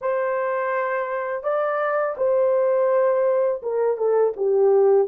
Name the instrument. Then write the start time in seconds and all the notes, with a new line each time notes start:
horn
0.01 C5
1.43 D5
2.17 C5
3.62 A#4
3.97 A4
4.36 G4